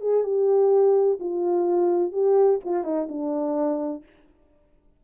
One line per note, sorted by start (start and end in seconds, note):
0.00 0.23 G#4
0.23 1.18 G4
1.19 2.12 F4
2.12 2.59 G4
2.64 2.83 F4
2.83 3.07 D#4
3.08 4.03 D4